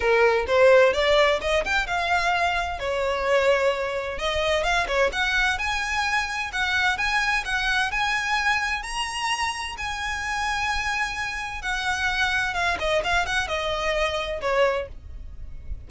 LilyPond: \new Staff \with { instrumentName = "violin" } { \time 4/4 \tempo 4 = 129 ais'4 c''4 d''4 dis''8 g''8 | f''2 cis''2~ | cis''4 dis''4 f''8 cis''8 fis''4 | gis''2 fis''4 gis''4 |
fis''4 gis''2 ais''4~ | ais''4 gis''2.~ | gis''4 fis''2 f''8 dis''8 | f''8 fis''8 dis''2 cis''4 | }